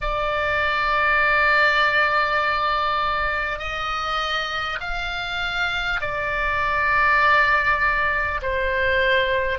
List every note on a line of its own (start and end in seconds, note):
0.01 3.58 D5
3.58 4.78 D#5
4.80 6.00 F5
6.00 8.40 D5
8.42 9.58 C5